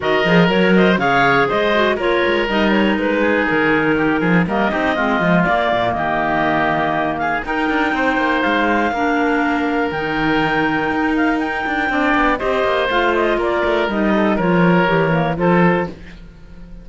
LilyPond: <<
  \new Staff \with { instrumentName = "clarinet" } { \time 4/4 \tempo 4 = 121 dis''4 cis''8 dis''8 f''4 dis''4 | cis''4 dis''8 cis''8 b'4 ais'4~ | ais'4 dis''2 d''4 | dis''2~ dis''8 f''8 g''4~ |
g''4 f''2. | g''2~ g''8 f''8 g''4~ | g''4 dis''4 f''8 dis''8 d''4 | dis''4 cis''2 c''4 | }
  \new Staff \with { instrumentName = "oboe" } { \time 4/4 ais'4. c''8 cis''4 c''4 | ais'2~ ais'8 gis'4. | g'8 gis'8 ais'8 g'8 f'2 | g'2~ g'8 gis'8 ais'4 |
c''2 ais'2~ | ais'1 | d''4 c''2 ais'4~ | ais'8 a'8 ais'2 a'4 | }
  \new Staff \with { instrumentName = "clarinet" } { \time 4/4 fis'8 gis'8 ais'4 gis'4. fis'8 | f'4 dis'2.~ | dis'4 ais8 dis'8 c'8 gis8 ais4~ | ais2. dis'4~ |
dis'2 d'2 | dis'1 | d'4 g'4 f'2 | dis'4 f'4 g'8 ais8 f'4 | }
  \new Staff \with { instrumentName = "cello" } { \time 4/4 dis8 f8 fis4 cis4 gis4 | ais8 gis8 g4 gis4 dis4~ | dis8 f8 g8 c'8 gis8 f8 ais8 ais,8 | dis2. dis'8 d'8 |
c'8 ais8 gis4 ais2 | dis2 dis'4. d'8 | c'8 b8 c'8 ais8 a4 ais8 a8 | g4 f4 e4 f4 | }
>>